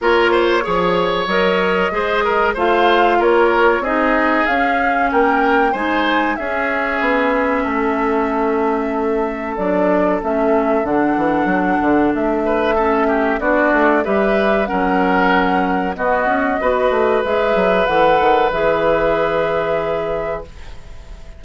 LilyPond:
<<
  \new Staff \with { instrumentName = "flute" } { \time 4/4 \tempo 4 = 94 cis''2 dis''2 | f''4 cis''4 dis''4 f''4 | g''4 gis''4 e''2~ | e''2. d''4 |
e''4 fis''2 e''4~ | e''4 d''4 e''4 fis''4~ | fis''4 dis''2 e''4 | fis''4 e''2. | }
  \new Staff \with { instrumentName = "oboe" } { \time 4/4 ais'8 c''8 cis''2 c''8 ais'8 | c''4 ais'4 gis'2 | ais'4 c''4 gis'2 | a'1~ |
a'2.~ a'8 b'8 | a'8 g'8 fis'4 b'4 ais'4~ | ais'4 fis'4 b'2~ | b'1 | }
  \new Staff \with { instrumentName = "clarinet" } { \time 4/4 f'4 gis'4 ais'4 gis'4 | f'2 dis'4 cis'4~ | cis'4 dis'4 cis'2~ | cis'2. d'4 |
cis'4 d'2. | cis'4 d'4 g'4 cis'4~ | cis'4 b4 fis'4 gis'4 | a'4 gis'2. | }
  \new Staff \with { instrumentName = "bassoon" } { \time 4/4 ais4 f4 fis4 gis4 | a4 ais4 c'4 cis'4 | ais4 gis4 cis'4 b4 | a2. fis4 |
a4 d8 e8 fis8 d8 a4~ | a4 b8 a8 g4 fis4~ | fis4 b8 cis'8 b8 a8 gis8 fis8 | e8 dis8 e2. | }
>>